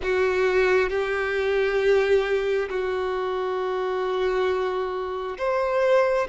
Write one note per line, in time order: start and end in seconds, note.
0.02 0.90 F#4
0.90 2.69 G4
2.69 5.37 F#4
5.38 6.27 C5